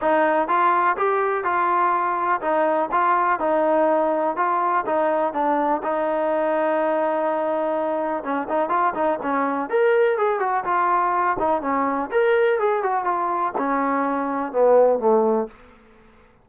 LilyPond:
\new Staff \with { instrumentName = "trombone" } { \time 4/4 \tempo 4 = 124 dis'4 f'4 g'4 f'4~ | f'4 dis'4 f'4 dis'4~ | dis'4 f'4 dis'4 d'4 | dis'1~ |
dis'4 cis'8 dis'8 f'8 dis'8 cis'4 | ais'4 gis'8 fis'8 f'4. dis'8 | cis'4 ais'4 gis'8 fis'8 f'4 | cis'2 b4 a4 | }